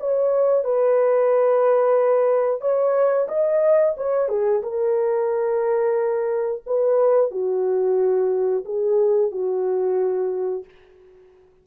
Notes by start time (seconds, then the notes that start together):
0.00 C#5
0.64 B4
2.61 C#5
3.28 D#5
3.97 C#5
4.29 G#4
4.63 A#4
6.67 B4
7.31 F#4
8.65 G#4
9.32 F#4